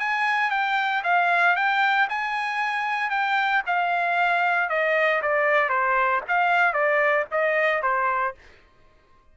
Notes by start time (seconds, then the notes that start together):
0.00 G#5
0.51 G5
1.04 F5
1.56 G5
2.10 G#5
3.10 G5
3.67 F5
4.70 D#5
5.22 D5
5.70 C5
6.28 F5
6.74 D5
7.31 D#5
7.83 C5